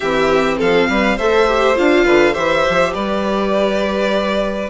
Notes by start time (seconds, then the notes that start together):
0.00 E3 C4 G4 E5
0.58 F3 A4 F5
0.89 G3 B4
1.16 A3 A4 C5 E5
1.47 G4
1.76 D4 F4 F5
2.04 D3 B4
2.33 E3 G4 C5 E5
2.69 F3
2.93 G3 B4 D5